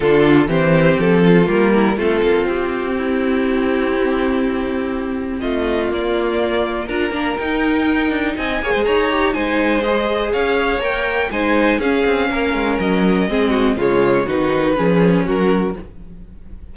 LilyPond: <<
  \new Staff \with { instrumentName = "violin" } { \time 4/4 \tempo 4 = 122 a'4 c''4 a'4 ais'4 | a'4 g'2.~ | g'2. dis''4 | d''2 ais''4 g''4~ |
g''4 gis''4 ais''4 gis''4 | dis''4 f''4 g''4 gis''4 | f''2 dis''2 | cis''4 b'2 ais'4 | }
  \new Staff \with { instrumentName = "violin" } { \time 4/4 f'4 g'4. f'4 e'8 | f'2 e'2~ | e'2. f'4~ | f'2 ais'2~ |
ais'4 dis''8 cis''16 c''16 cis''4 c''4~ | c''4 cis''2 c''4 | gis'4 ais'2 gis'8 fis'8 | f'4 fis'4 gis'4 fis'4 | }
  \new Staff \with { instrumentName = "viola" } { \time 4/4 d'4 c'2 ais4 | c'1~ | c'1 | ais2 f'8 d'8 dis'4~ |
dis'4. gis'4 g'8 dis'4 | gis'2 ais'4 dis'4 | cis'2. c'4 | gis4 dis'4 cis'2 | }
  \new Staff \with { instrumentName = "cello" } { \time 4/4 d4 e4 f4 g4 | a8 ais8 c'2.~ | c'2. a4 | ais2 d'8 ais8 dis'4~ |
dis'8 d'8 c'8 ais16 gis16 dis'4 gis4~ | gis4 cis'4 ais4 gis4 | cis'8 c'8 ais8 gis8 fis4 gis4 | cis4 dis4 f4 fis4 | }
>>